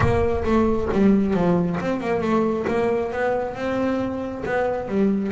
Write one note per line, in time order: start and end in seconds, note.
0.00 0.43 A#3
0.44 0.88 A3
0.92 1.34 G3
1.34 1.78 F3
1.80 2.00 C4
2.00 2.21 A#3
2.21 2.65 A3
2.67 3.12 A#3
3.12 3.55 B3
3.55 4.44 C4
4.45 4.88 B3
4.88 5.32 G3